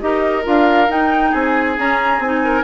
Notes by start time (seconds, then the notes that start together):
0.00 D#4 G4 A#4 D#5
0.43 D4 F4 F5
0.89 D#4 G5
1.30 C4 G#4 G#5
1.78 C#4 A#5
2.19 C4 D#4 G#5
2.44 A#4